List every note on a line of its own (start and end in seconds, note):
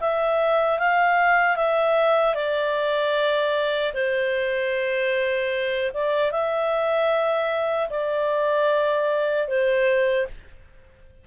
0.00 0.79 E5
0.79 1.56 F5
1.56 2.34 E5
2.34 3.92 D5
3.94 5.91 C5
5.94 6.31 D5
6.31 7.89 E5
7.90 9.48 D5
9.48 10.27 C5